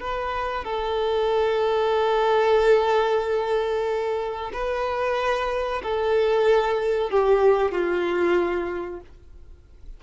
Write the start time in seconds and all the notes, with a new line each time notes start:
0.00 B4
0.65 A4
4.53 B4
5.83 A4
7.11 G4
7.72 F4